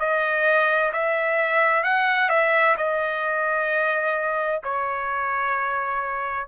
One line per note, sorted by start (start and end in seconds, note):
0.00 0.92 D#5
0.93 1.84 E5
1.84 2.30 F#5
2.30 2.76 E5
2.77 4.62 D#5
4.64 6.48 C#5